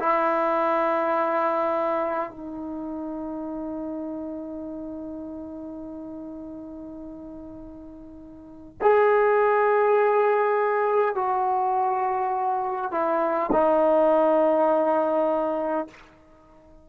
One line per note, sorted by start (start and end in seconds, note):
0.00 2.31 E4
2.31 8.78 D#4
8.82 11.16 G#4
11.16 12.92 F#4
12.92 13.51 E4
13.53 15.88 D#4